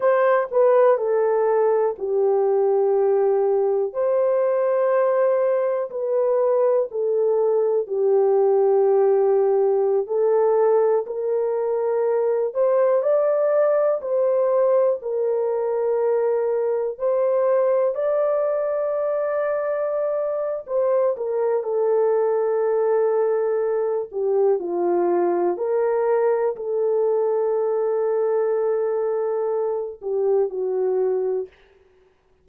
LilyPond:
\new Staff \with { instrumentName = "horn" } { \time 4/4 \tempo 4 = 61 c''8 b'8 a'4 g'2 | c''2 b'4 a'4 | g'2~ g'16 a'4 ais'8.~ | ais'8. c''8 d''4 c''4 ais'8.~ |
ais'4~ ais'16 c''4 d''4.~ d''16~ | d''4 c''8 ais'8 a'2~ | a'8 g'8 f'4 ais'4 a'4~ | a'2~ a'8 g'8 fis'4 | }